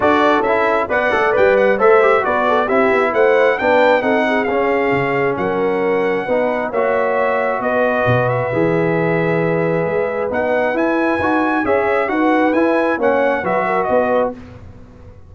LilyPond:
<<
  \new Staff \with { instrumentName = "trumpet" } { \time 4/4 \tempo 4 = 134 d''4 e''4 fis''4 g''8 fis''8 | e''4 d''4 e''4 fis''4 | g''4 fis''4 f''2 | fis''2. e''4~ |
e''4 dis''4. e''4.~ | e''2. fis''4 | gis''2 e''4 fis''4 | gis''4 fis''4 e''4 dis''4 | }
  \new Staff \with { instrumentName = "horn" } { \time 4/4 a'2 d''2 | c''4 b'8 a'8 g'4 c''4 | b'4 a'8 gis'2~ gis'8 | ais'2 b'4 cis''4~ |
cis''4 b'2.~ | b'1~ | b'2 cis''4 b'4~ | b'4 cis''4 b'8 ais'8 b'4 | }
  \new Staff \with { instrumentName = "trombone" } { \time 4/4 fis'4 e'4 b'8 a'8 b'4 | a'8 g'8 fis'4 e'2 | d'4 dis'4 cis'2~ | cis'2 dis'4 fis'4~ |
fis'2. gis'4~ | gis'2. dis'4 | e'4 fis'4 gis'4 fis'4 | e'4 cis'4 fis'2 | }
  \new Staff \with { instrumentName = "tuba" } { \time 4/4 d'4 cis'4 b8 a8 g4 | a4 b4 c'8 b8 a4 | b4 c'4 cis'4 cis4 | fis2 b4 ais4~ |
ais4 b4 b,4 e4~ | e2 gis4 b4 | e'4 dis'4 cis'4 dis'4 | e'4 ais4 fis4 b4 | }
>>